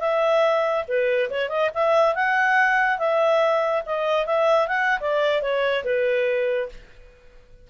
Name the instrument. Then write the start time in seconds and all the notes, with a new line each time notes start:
clarinet
0.00 E5
0.88 B4
1.30 C#5
1.49 D#5
1.74 E5
2.15 F#5
2.99 E5
3.86 D#5
4.26 E5
4.68 F#5
5.00 D5
5.42 C#5
5.84 B4